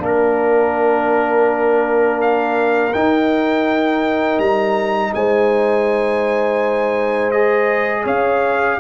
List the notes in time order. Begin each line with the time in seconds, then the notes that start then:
0.00 A#3 D4 A#4
2.21 F5
2.94 D#4 G5
4.39 G3 A#5
5.15 G#3 C5 G#5
7.31 G#4 D#5
8.05 C#4 C#5 F5